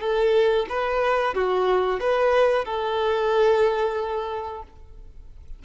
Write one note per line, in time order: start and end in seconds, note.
0.00 0.66 A4
0.69 1.34 B4
1.34 2.00 F#4
2.00 2.65 B4
2.65 4.62 A4